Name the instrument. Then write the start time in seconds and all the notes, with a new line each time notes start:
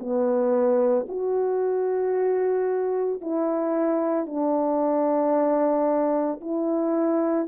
horn
0.00 B3
1.09 F#4
3.22 E4
4.26 D4
6.41 E4